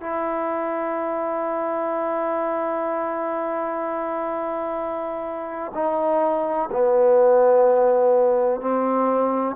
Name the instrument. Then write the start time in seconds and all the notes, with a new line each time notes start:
trombone
0.00 E4
5.74 D#4
6.71 B3
8.61 C4